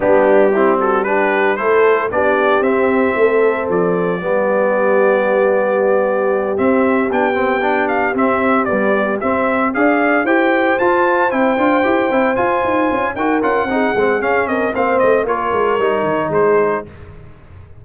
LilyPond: <<
  \new Staff \with { instrumentName = "trumpet" } { \time 4/4 \tempo 4 = 114 g'4. a'8 b'4 c''4 | d''4 e''2 d''4~ | d''1~ | d''8 e''4 g''4. f''8 e''8~ |
e''8 d''4 e''4 f''4 g''8~ | g''8 a''4 g''2 gis''8~ | gis''4 g''8 fis''4. f''8 dis''8 | f''8 dis''8 cis''2 c''4 | }
  \new Staff \with { instrumentName = "horn" } { \time 4/4 d'4 e'8 fis'8 g'4 a'4 | g'2 a'2 | g'1~ | g'1~ |
g'2~ g'8 d''4 c''8~ | c''1~ | c''4 ais'4 gis'4. ais'8 | c''4 ais'2 gis'4 | }
  \new Staff \with { instrumentName = "trombone" } { \time 4/4 b4 c'4 d'4 e'4 | d'4 c'2. | b1~ | b8 c'4 d'8 c'8 d'4 c'8~ |
c'8 g4 c'4 gis'4 g'8~ | g'8 f'4 e'8 f'8 g'8 e'8 f'8~ | f'4 fis'8 f'8 dis'8 c'8 cis'4 | c'4 f'4 dis'2 | }
  \new Staff \with { instrumentName = "tuba" } { \time 4/4 g2. a4 | b4 c'4 a4 f4 | g1~ | g8 c'4 b2 c'8~ |
c'8 b4 c'4 d'4 e'8~ | e'8 f'4 c'8 d'8 e'8 c'8 f'8 | dis'8 cis'8 dis'8 cis'8 c'8 gis8 cis'8 c'8 | ais8 a8 ais8 gis8 g8 dis8 gis4 | }
>>